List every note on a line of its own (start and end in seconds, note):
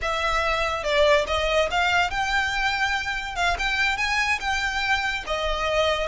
0.01 0.83 E5
0.83 1.25 D5
1.27 1.69 D#5
1.70 2.10 F5
2.10 3.35 G5
3.35 3.56 F5
3.58 3.97 G5
3.97 4.39 G#5
4.40 5.24 G5
5.27 6.07 D#5